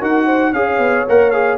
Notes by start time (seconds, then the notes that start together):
0.00 D#4 F#4 A#4 F#5
0.26 C5
0.53 C#4 G#4 C#5 F5
0.78 B3
1.08 A#3 A#4 F#5
1.31 G#4 F5